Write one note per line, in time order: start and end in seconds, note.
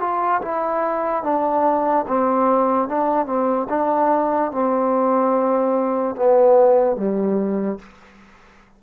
0.00 0.41 F4
0.41 1.23 E4
1.23 2.05 D4
2.07 2.88 C4
2.88 3.26 D4
3.26 3.67 C4
3.69 4.51 D4
4.52 6.16 C4
6.16 6.96 B3
6.96 7.79 G3